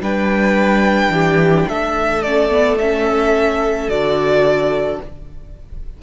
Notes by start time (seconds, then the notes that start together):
0.00 G3 D4 B4 G5
1.09 E3 G4
1.68 A3 A4 E5
2.22 C#4 D5
2.50 B3
2.78 C#4 E5
3.87 D3 F#4 D5